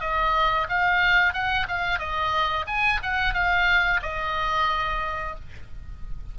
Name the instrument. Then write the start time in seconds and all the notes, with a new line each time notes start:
oboe
0.00 D#5
0.69 F5
1.33 F#5
1.68 F5
1.99 D#5
2.67 G#5
3.02 F#5
3.34 F5
4.02 D#5